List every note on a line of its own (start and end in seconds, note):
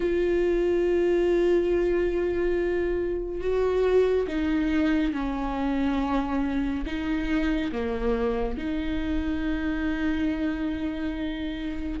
0.00 3.41 F4
3.41 4.26 F#4
4.27 5.13 D#4
5.13 6.84 C#4
6.86 7.71 D#4
7.71 8.57 A#3
8.57 12.00 D#4